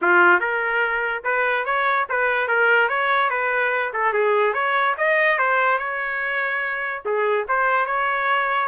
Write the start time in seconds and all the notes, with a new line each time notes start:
0.01 F4
0.39 A#4
1.24 B4
1.65 C#5
2.09 B4
2.47 A#4
2.89 C#5
3.30 B4
3.93 A4
4.13 G#4
4.53 C#5
4.97 D#5
5.38 C5
5.78 C#5
7.05 G#4
7.48 C5
7.86 C#5